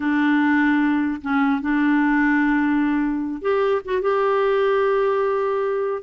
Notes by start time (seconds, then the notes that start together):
0.00 D4
1.21 C#4
1.61 D4
3.41 G4
3.84 F#4
4.01 G4